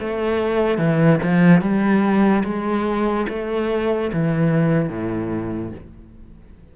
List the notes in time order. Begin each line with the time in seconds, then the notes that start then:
0.00 A3
0.78 E3
1.23 F3
1.62 G3
2.44 G#3
3.30 A3
4.13 E3
4.90 A2